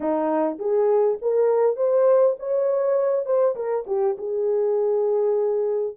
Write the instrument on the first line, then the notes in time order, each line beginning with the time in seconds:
horn
0.00 D#4
0.59 G#4
1.21 A#4
1.76 C5
2.39 C#5
3.25 C5
3.55 A#4
3.86 G4
4.17 G#4